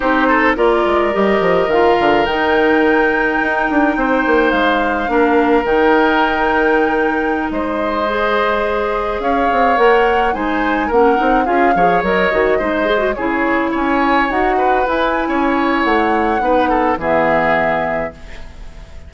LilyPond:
<<
  \new Staff \with { instrumentName = "flute" } { \time 4/4 \tempo 4 = 106 c''4 d''4 dis''4 f''4 | g''1 | f''2 g''2~ | g''4~ g''16 dis''2~ dis''8.~ |
dis''16 f''4 fis''4 gis''4 fis''8.~ | fis''16 f''4 dis''2 cis''8.~ | cis''16 gis''4 fis''4 gis''4.~ gis''16 | fis''2 e''2 | }
  \new Staff \with { instrumentName = "oboe" } { \time 4/4 g'8 a'8 ais'2.~ | ais'2. c''4~ | c''4 ais'2.~ | ais'4~ ais'16 c''2~ c''8.~ |
c''16 cis''2 c''4 ais'8.~ | ais'16 gis'8 cis''4. c''4 gis'8.~ | gis'16 cis''4. b'4~ b'16 cis''4~ | cis''4 b'8 a'8 gis'2 | }
  \new Staff \with { instrumentName = "clarinet" } { \time 4/4 dis'4 f'4 g'4 f'4 | dis'1~ | dis'4 d'4 dis'2~ | dis'2~ dis'16 gis'4.~ gis'16~ |
gis'4~ gis'16 ais'4 dis'4 cis'8 dis'16~ | dis'16 f'8 gis'8 ais'8 fis'8 dis'8 gis'16 fis'16 e'8.~ | e'4~ e'16 fis'4 e'4.~ e'16~ | e'4 dis'4 b2 | }
  \new Staff \with { instrumentName = "bassoon" } { \time 4/4 c'4 ais8 gis8 g8 f8 dis8 d8 | dis2 dis'8 d'8 c'8 ais8 | gis4 ais4 dis2~ | dis4~ dis16 gis2~ gis8.~ |
gis16 cis'8 c'8 ais4 gis4 ais8 c'16~ | c'16 cis'8 f8 fis8 dis8 gis4 cis8.~ | cis16 cis'4 dis'4 e'8. cis'4 | a4 b4 e2 | }
>>